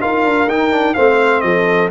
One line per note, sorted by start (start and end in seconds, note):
0.00 0.24 D#4
0.00 0.48 F4
0.00 0.95 A#4
0.00 0.49 F5
0.24 0.47 D4
0.47 0.95 D#4
0.47 0.71 D#4
0.47 0.94 G5
0.71 0.95 D4
0.94 1.43 A3
0.94 1.91 C4
0.94 1.43 C5
0.94 1.41 F5
1.41 1.90 F3
1.41 1.91 A4
1.41 1.88 D#5